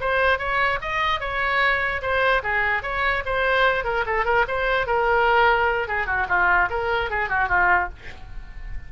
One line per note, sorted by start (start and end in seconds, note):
0.00 0.39 C5
0.39 0.79 C#5
0.81 1.20 D#5
1.20 2.01 C#5
2.02 2.42 C5
2.43 2.83 G#4
2.83 3.23 C#5
3.25 3.84 C5
3.84 4.04 A#4
4.06 4.25 A4
4.25 4.45 A#4
4.47 4.86 C5
4.86 5.88 A#4
5.88 6.06 G#4
6.06 6.27 F#4
6.28 6.69 F4
6.70 7.10 A#4
7.10 7.29 G#4
7.29 7.48 F#4
7.48 7.89 F4